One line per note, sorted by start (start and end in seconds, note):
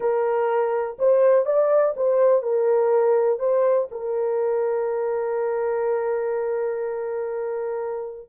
0.00 0.97 A#4
0.99 1.45 C5
1.45 1.94 D5
1.96 2.42 C5
2.42 3.39 A#4
3.39 3.88 C5
3.91 8.29 A#4